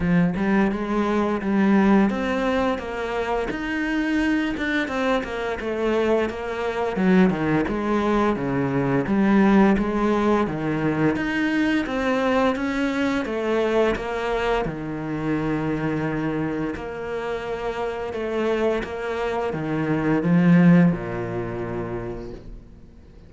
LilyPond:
\new Staff \with { instrumentName = "cello" } { \time 4/4 \tempo 4 = 86 f8 g8 gis4 g4 c'4 | ais4 dis'4. d'8 c'8 ais8 | a4 ais4 fis8 dis8 gis4 | cis4 g4 gis4 dis4 |
dis'4 c'4 cis'4 a4 | ais4 dis2. | ais2 a4 ais4 | dis4 f4 ais,2 | }